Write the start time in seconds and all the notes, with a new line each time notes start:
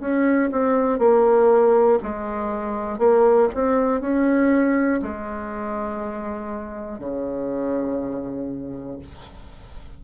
0.00 C#4
0.51 C4
0.99 A#3
2.02 G#3
2.98 A#3
3.54 C4
4.00 C#4
5.01 G#3
6.98 C#3